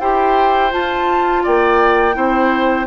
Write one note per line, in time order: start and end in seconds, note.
0.00 0.73 E4
0.00 0.71 G4
0.00 1.43 C5
0.00 0.72 G5
0.71 2.13 F4
0.71 1.46 F4
0.71 1.45 A5
1.43 2.16 A#3
1.43 2.16 D5
1.43 2.87 G5
2.13 2.87 C4
2.13 2.86 E4
2.13 2.87 C5